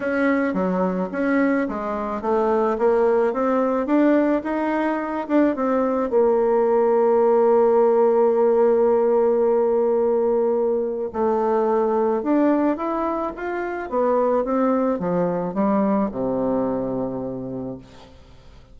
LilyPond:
\new Staff \with { instrumentName = "bassoon" } { \time 4/4 \tempo 4 = 108 cis'4 fis4 cis'4 gis4 | a4 ais4 c'4 d'4 | dis'4. d'8 c'4 ais4~ | ais1~ |
ais1 | a2 d'4 e'4 | f'4 b4 c'4 f4 | g4 c2. | }